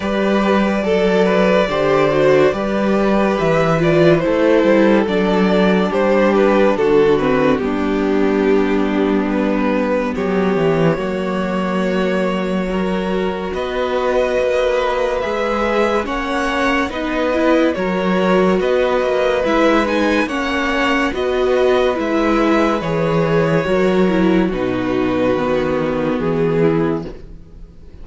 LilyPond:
<<
  \new Staff \with { instrumentName = "violin" } { \time 4/4 \tempo 4 = 71 d''1 | e''8 d''8 c''4 d''4 c''8 b'8 | a'8 b'8 g'2 b'4 | cis''1 |
dis''2 e''4 fis''4 | dis''4 cis''4 dis''4 e''8 gis''8 | fis''4 dis''4 e''4 cis''4~ | cis''4 b'2 gis'4 | }
  \new Staff \with { instrumentName = "violin" } { \time 4/4 b'4 a'8 b'8 c''4 b'4~ | b'4 a'2 g'4 | fis'4 d'2. | g'4 fis'2 ais'4 |
b'2. cis''4 | b'4 ais'4 b'2 | cis''4 b'2. | ais'4 fis'2~ fis'8 e'8 | }
  \new Staff \with { instrumentName = "viola" } { \time 4/4 g'4 a'4 g'8 fis'8 g'4~ | g'8 f'8 e'4 d'2~ | d'8 c'8 b2.~ | b4 ais2 fis'4~ |
fis'2 gis'4 cis'4 | dis'8 e'8 fis'2 e'8 dis'8 | cis'4 fis'4 e'4 gis'4 | fis'8 e'8 dis'4 b2 | }
  \new Staff \with { instrumentName = "cello" } { \time 4/4 g4 fis4 d4 g4 | e4 a8 g8 fis4 g4 | d4 g2. | fis8 e8 fis2. |
b4 ais4 gis4 ais4 | b4 fis4 b8 ais8 gis4 | ais4 b4 gis4 e4 | fis4 b,4 dis4 e4 | }
>>